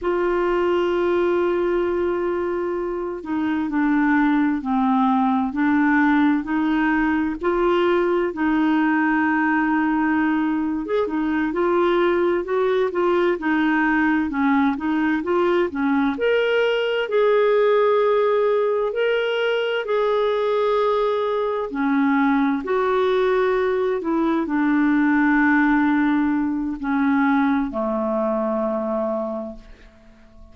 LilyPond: \new Staff \with { instrumentName = "clarinet" } { \time 4/4 \tempo 4 = 65 f'2.~ f'8 dis'8 | d'4 c'4 d'4 dis'4 | f'4 dis'2~ dis'8. gis'16 | dis'8 f'4 fis'8 f'8 dis'4 cis'8 |
dis'8 f'8 cis'8 ais'4 gis'4.~ | gis'8 ais'4 gis'2 cis'8~ | cis'8 fis'4. e'8 d'4.~ | d'4 cis'4 a2 | }